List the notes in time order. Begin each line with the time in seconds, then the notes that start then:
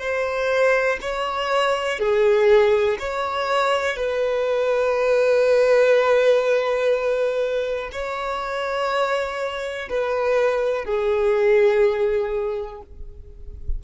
0.00 C5
1.01 C#5
1.99 G#4
2.99 C#5
3.97 B4
7.92 C#5
9.89 B4
10.85 G#4